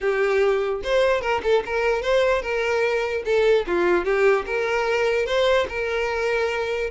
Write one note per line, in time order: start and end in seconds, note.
0.00 0.81 G4
0.83 1.21 C5
1.21 1.41 A#4
1.43 1.63 A4
1.65 2.02 A#4
2.02 2.42 C5
2.42 3.23 A#4
3.25 3.65 A4
3.66 4.04 F4
4.04 4.45 G4
4.46 5.26 A#4
5.26 5.66 C5
5.68 6.90 A#4